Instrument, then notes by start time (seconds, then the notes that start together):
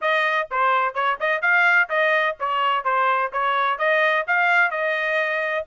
trumpet
0.01 D#5
0.50 C5
0.94 C#5
1.20 D#5
1.41 F5
1.89 D#5
2.39 C#5
2.84 C5
3.32 C#5
3.78 D#5
4.27 F5
4.70 D#5